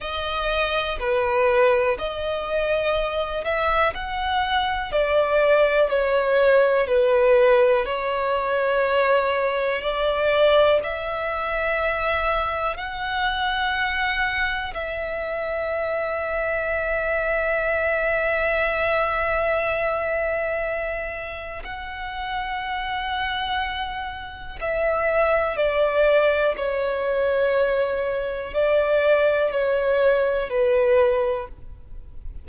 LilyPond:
\new Staff \with { instrumentName = "violin" } { \time 4/4 \tempo 4 = 61 dis''4 b'4 dis''4. e''8 | fis''4 d''4 cis''4 b'4 | cis''2 d''4 e''4~ | e''4 fis''2 e''4~ |
e''1~ | e''2 fis''2~ | fis''4 e''4 d''4 cis''4~ | cis''4 d''4 cis''4 b'4 | }